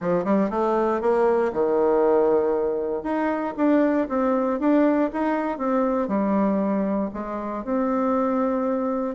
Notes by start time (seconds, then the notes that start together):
0.00 F3
0.24 G3
0.50 A3
1.01 A#3
1.52 D#3
3.03 D#4
3.56 D4
4.08 C4
4.59 D4
5.12 D#4
5.58 C4
6.08 G3
7.13 G#3
7.64 C4